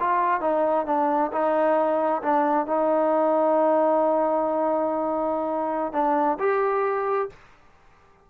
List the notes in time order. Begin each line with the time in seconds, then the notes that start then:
0.00 F4
0.41 D#4
0.86 D4
1.32 D#4
2.22 D4
2.66 D#4
5.93 D4
6.39 G4